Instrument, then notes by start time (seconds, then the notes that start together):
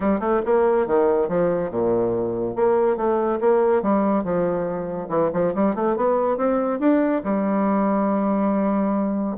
bassoon
0.00 G3
0.20 A3
0.45 A#3
0.86 D#3
1.28 F3
1.70 A#2
2.55 A#3
2.96 A3
3.40 A#3
3.82 G3
4.23 F3
5.09 E3
5.33 F3
5.54 G3
5.75 A3
5.96 B3
6.37 C4
6.79 D4
7.24 G3